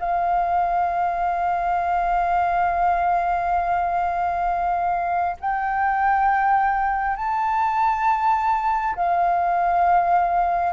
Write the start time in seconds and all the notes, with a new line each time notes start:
0.00 F5
5.41 G5
7.17 A5
8.96 F5